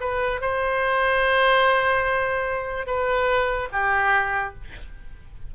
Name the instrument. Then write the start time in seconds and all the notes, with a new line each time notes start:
oboe
0.00 B4
0.41 C5
2.87 B4
3.72 G4